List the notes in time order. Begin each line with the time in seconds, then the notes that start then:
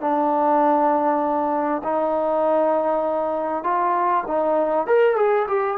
0.00 D4
1.83 D#4
3.63 F4
4.27 D#4
4.86 A#4
5.16 G#4
5.47 G4